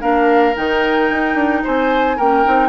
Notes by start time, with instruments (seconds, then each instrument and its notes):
0.00 bassoon A#3, clarinet D4, oboe A#4, flute F5
0.55 bassoon D#3, clarinet D#4, flute G5
1.10 bassoon D#4
1.34 bassoon D4
1.63 bassoon C4, oboe C5, flute G#5
2.16 bassoon A#3, clarinet C#4, oboe A#4, flute G5
2.44 bassoon C4, clarinet D#4